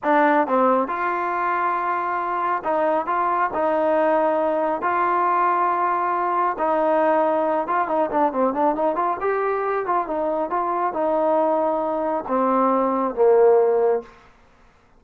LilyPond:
\new Staff \with { instrumentName = "trombone" } { \time 4/4 \tempo 4 = 137 d'4 c'4 f'2~ | f'2 dis'4 f'4 | dis'2. f'4~ | f'2. dis'4~ |
dis'4. f'8 dis'8 d'8 c'8 d'8 | dis'8 f'8 g'4. f'8 dis'4 | f'4 dis'2. | c'2 ais2 | }